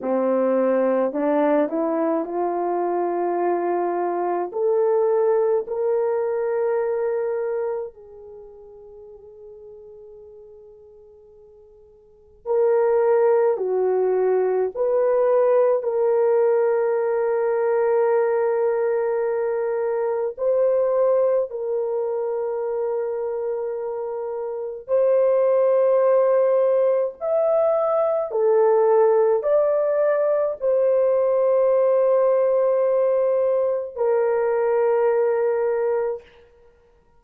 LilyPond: \new Staff \with { instrumentName = "horn" } { \time 4/4 \tempo 4 = 53 c'4 d'8 e'8 f'2 | a'4 ais'2 gis'4~ | gis'2. ais'4 | fis'4 b'4 ais'2~ |
ais'2 c''4 ais'4~ | ais'2 c''2 | e''4 a'4 d''4 c''4~ | c''2 ais'2 | }